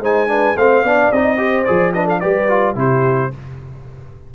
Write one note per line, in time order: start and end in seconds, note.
0.00 0.55 G#3
0.00 0.28 D#4
0.00 0.29 C5
0.00 0.57 G#5
0.28 0.55 D4
0.28 0.56 B4
0.56 0.83 A3
0.56 0.86 C4
0.56 0.83 C5
0.56 1.12 F5
0.83 1.11 B3
0.83 1.13 D4
0.83 1.38 D5
1.11 1.66 C4
1.11 1.37 D#4
1.11 1.65 D#5
1.37 1.65 G4
1.37 1.94 C5
1.65 2.24 F3
1.65 1.94 G#4
1.65 1.92 D5
1.93 2.21 D4
1.93 2.05 B4
1.93 2.07 D#5
2.05 2.18 A4
2.05 2.20 F5
2.20 2.76 G3
2.20 2.49 G4
2.20 2.76 B4
2.20 2.75 D5
2.49 2.75 F4
2.75 3.31 C3
2.75 3.30 E4
2.75 3.33 G4
2.75 3.34 C5